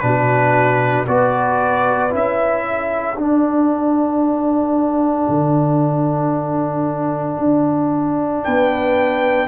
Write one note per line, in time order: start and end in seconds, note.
0.00 1.08 B2
0.00 1.07 D4
0.00 1.09 F#4
0.00 1.05 B4
1.08 2.13 B3
1.08 2.11 F#4
1.08 2.66 B4
1.08 2.13 D5
2.11 3.17 C#4
2.11 3.16 E4
2.11 3.19 E5
2.66 8.45 A4
3.17 5.27 D4
3.17 9.48 D4
3.17 8.45 F#5
5.29 7.38 D3
7.38 8.43 D4
8.45 9.48 B3
8.45 9.48 B4
8.45 9.48 G5